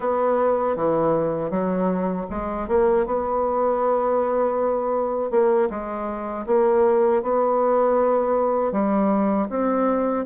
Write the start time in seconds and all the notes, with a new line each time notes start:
0.00 B3
0.76 E3
1.50 F#3
2.30 G#3
2.68 A#3
3.06 B3
5.31 A#3
5.70 G#3
6.46 A#3
7.22 B3
8.71 G3
9.49 C4